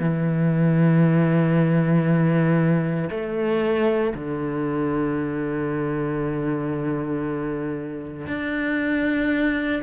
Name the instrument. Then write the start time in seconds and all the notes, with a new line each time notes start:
cello
0.00 E3
3.11 A3
4.15 D3
8.28 D4